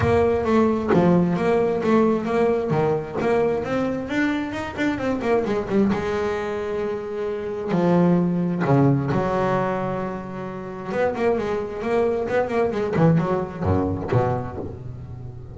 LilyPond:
\new Staff \with { instrumentName = "double bass" } { \time 4/4 \tempo 4 = 132 ais4 a4 f4 ais4 | a4 ais4 dis4 ais4 | c'4 d'4 dis'8 d'8 c'8 ais8 | gis8 g8 gis2.~ |
gis4 f2 cis4 | fis1 | b8 ais8 gis4 ais4 b8 ais8 | gis8 e8 fis4 fis,4 b,4 | }